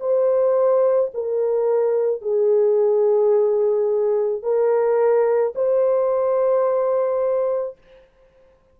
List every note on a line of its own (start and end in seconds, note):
0.00 1.11 C5
1.14 2.21 A#4
2.21 4.42 G#4
4.42 5.54 A#4
5.55 7.77 C5